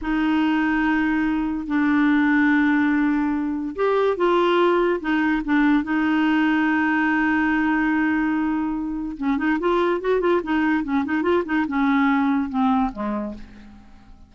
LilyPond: \new Staff \with { instrumentName = "clarinet" } { \time 4/4 \tempo 4 = 144 dis'1 | d'1~ | d'4 g'4 f'2 | dis'4 d'4 dis'2~ |
dis'1~ | dis'2 cis'8 dis'8 f'4 | fis'8 f'8 dis'4 cis'8 dis'8 f'8 dis'8 | cis'2 c'4 gis4 | }